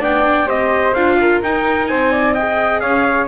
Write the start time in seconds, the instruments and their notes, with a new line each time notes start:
0.00 double bass B3, viola D4, flute D5, trumpet G5
0.46 double bass C4, viola G4, flute C5, trumpet D#5
0.94 double bass D4, viola F4, trumpet F5
1.20 flute A#4
1.42 double bass D#4, viola D#4, trumpet G5
1.87 double bass C4, flute C5, trumpet G#5
2.11 flute D5
2.34 viola G#4, flute D#5, trumpet G5
2.80 double bass C#4, flute C#5, trumpet F5